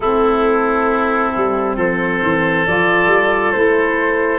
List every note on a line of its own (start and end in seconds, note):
0.00 1.32 A3
0.00 2.67 C4
0.00 1.76 E4
0.00 1.75 A4
1.36 1.76 G3
1.76 2.20 F3
1.76 4.38 A4
1.76 2.66 C5
2.22 2.66 E3
2.66 3.06 F3
2.66 3.54 F4
2.66 3.51 D5
3.06 3.51 G3
3.51 4.38 A3
3.51 4.38 E4
3.51 4.38 C5